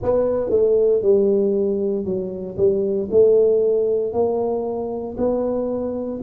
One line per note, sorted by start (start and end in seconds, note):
0.02 0.50 B3
0.50 1.02 A3
1.02 2.05 G3
2.05 2.56 F#3
2.57 3.08 G3
3.10 4.12 A3
4.12 5.16 A#3
5.17 6.20 B3